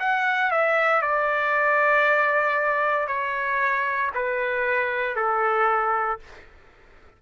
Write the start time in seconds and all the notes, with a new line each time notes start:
0.00 F#5
0.51 E5
1.03 D5
3.08 C#5
4.15 B4
5.16 A4